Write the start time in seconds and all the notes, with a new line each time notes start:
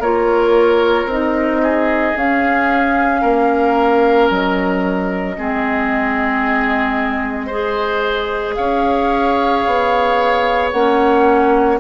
0.00 A#3 F4 A#4 C#5
1.06 C4 D#4 D#5
1.63 G#4
2.16 C#4 F5
3.22 A#3 A#4
4.30 F#3 D#5
5.37 G#3 C4 G#4
7.47 G#4 C5
8.56 C#4 C#5 F5
9.66 B3
10.72 A#3 C#4 F#5